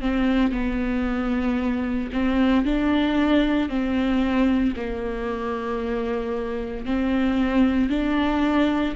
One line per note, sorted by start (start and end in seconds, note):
0.00 0.52 C4
0.52 2.10 B3
2.12 2.65 C4
2.65 3.68 D4
3.68 4.74 C4
4.76 6.85 A#3
6.85 7.89 C4
7.89 8.94 D4